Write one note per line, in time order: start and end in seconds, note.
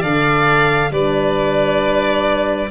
0.00 0.91 D3
0.00 0.93 A4
0.00 0.90 D5
0.00 0.92 F5
0.91 2.70 G3
0.91 2.71 D4
0.91 2.71 B4
0.91 2.71 D5